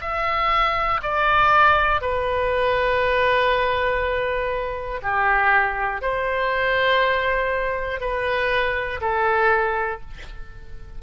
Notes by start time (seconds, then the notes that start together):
0.00 E5
1.02 D5
2.01 B4
5.02 G4
6.01 C5
8.00 B4
9.00 A4